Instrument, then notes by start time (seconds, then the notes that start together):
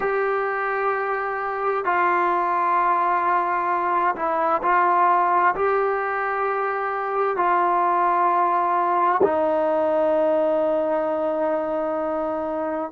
trombone
0.00 G4
1.84 F4
4.15 E4
4.62 F4
5.55 G4
7.36 F4
9.22 D#4